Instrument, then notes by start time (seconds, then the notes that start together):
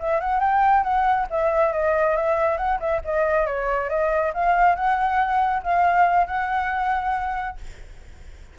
flute
0.00 E5
0.21 F#5
0.40 G5
0.84 F#5
1.30 E5
1.73 D#5
2.16 E5
2.58 F#5
2.80 E5
3.05 D#5
3.46 C#5
3.89 D#5
4.34 F5
4.75 F#5
5.63 F5
6.27 F#5